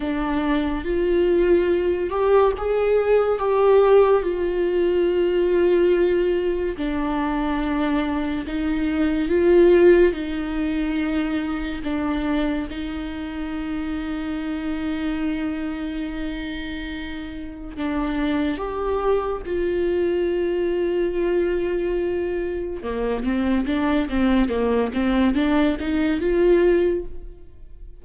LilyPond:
\new Staff \with { instrumentName = "viola" } { \time 4/4 \tempo 4 = 71 d'4 f'4. g'8 gis'4 | g'4 f'2. | d'2 dis'4 f'4 | dis'2 d'4 dis'4~ |
dis'1~ | dis'4 d'4 g'4 f'4~ | f'2. ais8 c'8 | d'8 c'8 ais8 c'8 d'8 dis'8 f'4 | }